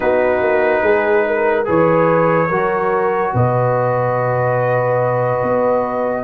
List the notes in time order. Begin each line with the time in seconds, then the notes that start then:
0.00 B3 D#4 F#4 B4
0.41 A#3
0.82 G#3 G#4
1.27 A#4
1.64 E3 G#4 B4 C#5
2.48 F#3 F#4 A#4
3.34 B2 B4 D#5
5.42 B3